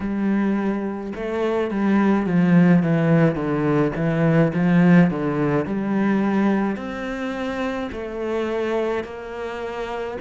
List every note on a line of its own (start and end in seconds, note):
0.00 1.13 G3
1.15 1.70 A3
1.70 2.26 G3
2.26 2.83 F3
2.83 3.34 E3
3.34 3.91 D3
3.95 4.52 E3
4.53 5.10 F3
5.10 5.66 D3
5.66 6.76 G3
6.76 7.89 C4
7.91 9.04 A3
9.04 10.17 A#3